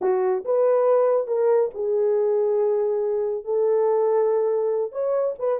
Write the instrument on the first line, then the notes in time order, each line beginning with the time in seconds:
horn
0.01 F#4
0.45 B4
1.27 A#4
1.74 G#4
3.44 A4
4.91 C#5
5.38 B4